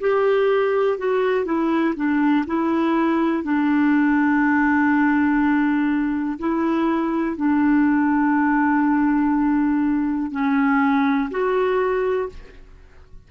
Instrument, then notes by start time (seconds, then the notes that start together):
clarinet
0.00 G4
0.98 F#4
1.45 E4
1.96 D4
2.46 E4
3.43 D4
6.38 E4
7.36 D4
10.31 C#4
11.30 F#4